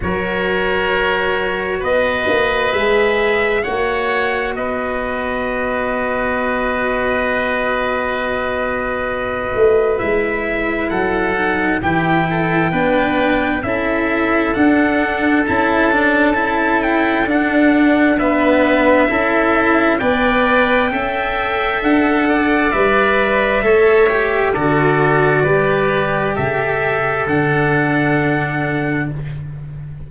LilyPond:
<<
  \new Staff \with { instrumentName = "trumpet" } { \time 4/4 \tempo 4 = 66 cis''2 dis''4 e''4 | fis''4 dis''2.~ | dis''2. e''4 | fis''4 g''2 e''4 |
fis''4 a''4. g''8 fis''4 | e''2 g''2 | fis''4 e''2 d''4~ | d''4 e''4 fis''2 | }
  \new Staff \with { instrumentName = "oboe" } { \time 4/4 ais'2 b'2 | cis''4 b'2.~ | b'1 | a'4 g'8 a'8 b'4 a'4~ |
a'1 | b'4 a'4 d''4 e''4~ | e''8 d''4. cis''4 a'4 | b'4 a'2. | }
  \new Staff \with { instrumentName = "cello" } { \time 4/4 fis'2. gis'4 | fis'1~ | fis'2. e'4~ | e'8 dis'8 e'4 d'4 e'4 |
d'4 e'8 d'8 e'4 d'4 | b4 e'4 b'4 a'4~ | a'4 b'4 a'8 g'8 fis'4 | g'2 d'2 | }
  \new Staff \with { instrumentName = "tuba" } { \time 4/4 fis2 b8 ais8 gis4 | ais4 b2.~ | b2~ b8 a8 gis4 | fis4 e4 b4 cis'4 |
d'4 cis'2 d'4~ | d'4 cis'4 b4 cis'4 | d'4 g4 a4 d4 | g4 cis4 d2 | }
>>